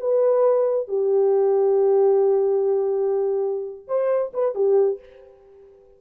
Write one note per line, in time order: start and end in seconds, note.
0.00 0.88 B4
0.88 3.87 G4
3.87 4.32 C5
4.33 4.55 B4
4.55 4.99 G4